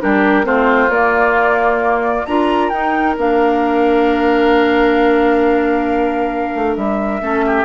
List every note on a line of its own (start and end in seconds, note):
0.00 0.45 G3
0.00 0.44 D4
0.00 0.46 G4
0.00 0.45 A#4
0.44 0.89 A3
0.44 0.89 C4
0.44 2.26 F4
0.44 0.91 C5
0.89 2.24 A#3
0.89 2.26 A#3
0.89 2.26 D5
2.26 2.71 D4
2.26 2.72 F4
2.26 7.22 A#4
2.26 2.69 A#5
2.69 3.16 D#4
2.69 3.17 D#4
2.69 3.14 G5
3.16 6.55 A#3
3.16 7.22 D4
3.16 6.76 F5
6.55 6.76 A3
6.76 7.20 G3
6.76 7.65 E5
7.20 7.65 A3
7.20 7.65 C#4
7.20 7.44 A4
7.46 7.65 G4